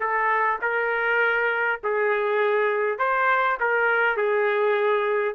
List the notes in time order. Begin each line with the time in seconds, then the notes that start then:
0.00 A4
0.62 A#4
1.84 G#4
2.98 C5
3.60 A#4
4.17 G#4